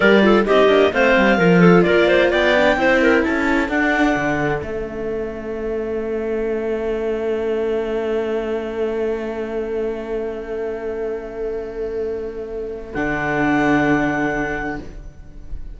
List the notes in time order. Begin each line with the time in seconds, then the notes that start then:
0.00 G3 G4 A#4 D5
0.21 F4 A4
0.45 C4 D#4 G4 D#5
0.68 A#3 D4
0.92 A3 C4 C5 F5
1.16 G3
1.37 F3 F4 A#4
1.60 A4
1.82 A#3 A#4 D5
2.07 C5
2.30 B3 D5 G5
2.56 D4
2.76 C4 E4 C5
3.02 A#4
3.23 C#4 A4 A5
3.68 D4 F#5
4.15 D3
4.59 A3 C#4 E5
12.94 D3 D4 F#5